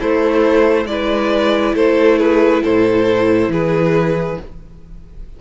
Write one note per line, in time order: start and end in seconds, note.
0.00 0.86 A3
0.00 0.88 E4
0.00 0.88 A4
0.00 0.87 C5
0.86 1.74 G#3
0.86 4.41 E4
0.86 1.75 B4
0.86 1.75 D5
1.74 2.63 A3
1.74 2.19 A4
1.74 2.19 C5
2.19 2.63 G#4
2.19 2.63 B4
2.63 3.49 A2
2.63 3.51 A4
2.63 3.53 C5
3.49 4.37 E3
3.49 4.40 G#4
3.49 4.41 B4